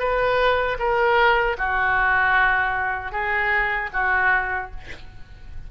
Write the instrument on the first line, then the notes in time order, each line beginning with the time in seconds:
oboe
0.00 B4
0.79 A#4
1.58 F#4
3.12 G#4
3.94 F#4